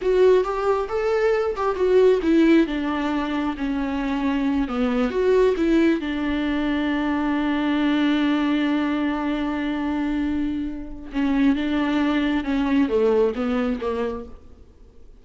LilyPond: \new Staff \with { instrumentName = "viola" } { \time 4/4 \tempo 4 = 135 fis'4 g'4 a'4. g'8 | fis'4 e'4 d'2 | cis'2~ cis'8 b4 fis'8~ | fis'8 e'4 d'2~ d'8~ |
d'1~ | d'1~ | d'4 cis'4 d'2 | cis'4 a4 b4 ais4 | }